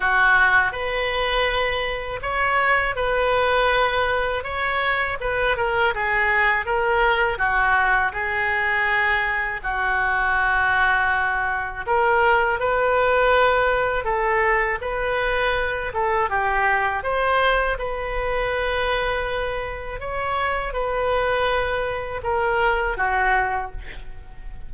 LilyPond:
\new Staff \with { instrumentName = "oboe" } { \time 4/4 \tempo 4 = 81 fis'4 b'2 cis''4 | b'2 cis''4 b'8 ais'8 | gis'4 ais'4 fis'4 gis'4~ | gis'4 fis'2. |
ais'4 b'2 a'4 | b'4. a'8 g'4 c''4 | b'2. cis''4 | b'2 ais'4 fis'4 | }